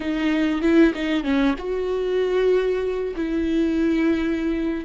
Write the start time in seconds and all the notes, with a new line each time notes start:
0.00 D#4
0.61 E4
0.94 D#4
1.23 C#4
1.58 F#4
3.16 E4